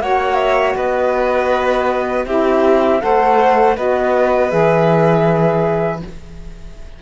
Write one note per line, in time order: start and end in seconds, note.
0.00 0.75 A#3
0.00 2.26 F#4
0.00 0.76 C#5
0.00 0.35 F#5
0.35 0.73 E5
0.76 2.26 B3
0.76 2.26 B4
0.76 2.26 D#5
2.26 3.01 C4
2.26 3.00 E4
2.26 3.02 G4
2.26 3.01 E5
3.00 3.77 A3
3.00 3.75 A4
3.00 3.77 C5
3.00 3.76 F#5
3.77 4.52 B3
3.77 4.50 F#4
3.77 6.02 B4
3.77 4.51 D#5
4.50 6.03 E3
4.50 6.00 G#4
4.50 6.01 E5